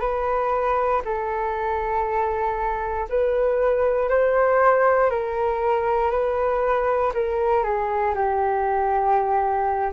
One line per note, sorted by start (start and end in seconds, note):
0.00 1.02 B4
1.05 3.09 A4
3.10 4.10 B4
4.10 5.11 C5
5.11 6.11 A#4
6.11 7.13 B4
7.14 7.64 A#4
7.64 8.15 G#4
8.15 9.93 G4